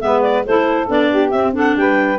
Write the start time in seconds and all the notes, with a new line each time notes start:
0.00 G#3 B3 B4 E5
0.22 D5
0.45 A3 E4 A4 C5
0.87 B3 D4 D5
1.09 G4
1.30 C4 E5
1.53 D4 A4 F#5
1.76 G3 B4 G5